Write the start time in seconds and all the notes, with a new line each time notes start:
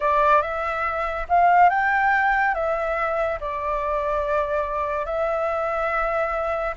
0.00 D5
0.42 E5
1.28 F5
1.69 G5
2.54 E5
3.40 D5
5.05 E5